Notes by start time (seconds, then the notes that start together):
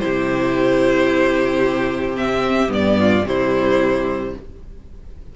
0.00 C3 E4 G4 C5
2.17 C4 E5
2.68 G2 B3 D5
2.99 F4
3.25 C3 G3 E4 C5